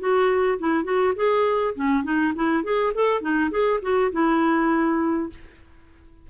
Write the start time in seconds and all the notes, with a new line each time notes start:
0.00 F#4
0.59 E4
0.84 F#4
1.16 G#4
1.76 C#4
2.04 D#4
2.36 E4
2.64 G#4
2.95 A4
3.21 D#4
3.51 G#4
3.82 F#4
4.12 E4